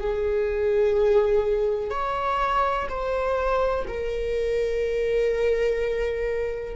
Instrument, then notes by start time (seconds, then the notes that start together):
viola
0.00 G#4
1.90 C#5
2.89 C5
3.88 A#4